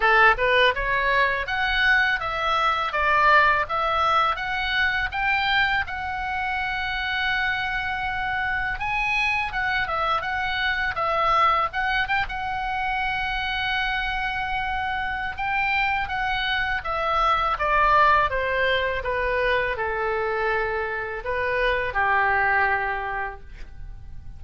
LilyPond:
\new Staff \with { instrumentName = "oboe" } { \time 4/4 \tempo 4 = 82 a'8 b'8 cis''4 fis''4 e''4 | d''4 e''4 fis''4 g''4 | fis''1 | gis''4 fis''8 e''8 fis''4 e''4 |
fis''8 g''16 fis''2.~ fis''16~ | fis''4 g''4 fis''4 e''4 | d''4 c''4 b'4 a'4~ | a'4 b'4 g'2 | }